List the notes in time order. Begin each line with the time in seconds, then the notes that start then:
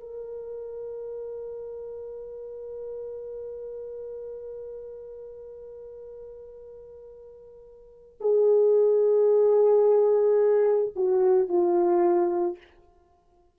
0.00 A#4
8.21 G#4
10.96 F#4
11.48 F4